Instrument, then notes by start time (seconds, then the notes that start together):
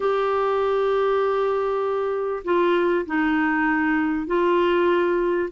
clarinet
0.00 G4
2.44 F4
3.06 D#4
4.26 F4